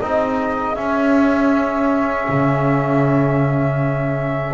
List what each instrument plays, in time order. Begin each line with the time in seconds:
0.00 double bass C4, trombone D#4, saxophone G#4, flute D#5
0.75 double bass C#4, trombone C#4, flute E5
2.29 double bass C#3